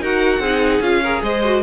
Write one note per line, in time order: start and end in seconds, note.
0.00 0.39 D#4
0.00 0.42 F#4
0.00 0.41 A#4
0.00 0.81 F#5
0.39 0.79 C4
0.39 0.82 D#4
0.39 1.02 G#4
0.81 1.21 C#4
0.81 1.02 F4
0.81 1.22 F5
1.03 1.44 G#4
1.03 1.23 A#4
1.22 1.62 G#3
1.22 1.62 C5
1.22 1.62 D#5
1.44 1.62 F#4